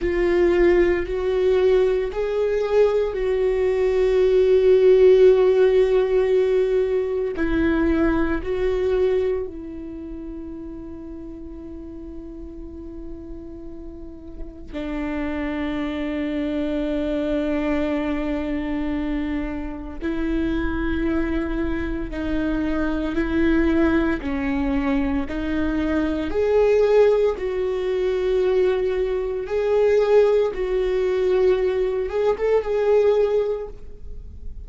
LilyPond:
\new Staff \with { instrumentName = "viola" } { \time 4/4 \tempo 4 = 57 f'4 fis'4 gis'4 fis'4~ | fis'2. e'4 | fis'4 e'2.~ | e'2 d'2~ |
d'2. e'4~ | e'4 dis'4 e'4 cis'4 | dis'4 gis'4 fis'2 | gis'4 fis'4. gis'16 a'16 gis'4 | }